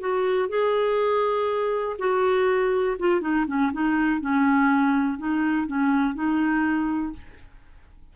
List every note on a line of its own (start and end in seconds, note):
0.00 0.49 F#4
0.49 1.96 G#4
1.99 2.97 F#4
2.99 3.21 F4
3.21 3.45 D#4
3.47 3.72 C#4
3.73 4.20 D#4
4.20 5.18 C#4
5.18 5.67 D#4
5.67 6.15 C#4
6.15 7.13 D#4